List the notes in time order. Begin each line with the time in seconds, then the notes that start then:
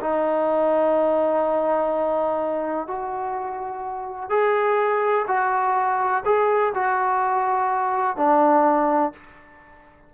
0.00 D#4
2.87 F#4
4.29 G#4
5.27 F#4
6.25 G#4
6.74 F#4
8.16 D4